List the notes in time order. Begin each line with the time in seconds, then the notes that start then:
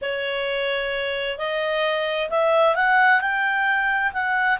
0.01 C#5
1.38 D#5
2.30 E5
2.75 F#5
3.20 G5
4.13 F#5